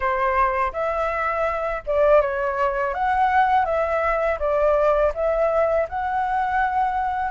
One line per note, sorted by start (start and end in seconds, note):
0.00 0.72 C5
0.73 1.82 E5
1.86 2.21 D5
2.21 2.93 C#5
2.93 3.65 F#5
3.65 4.38 E5
4.39 5.12 D5
5.14 5.87 E5
5.88 7.31 F#5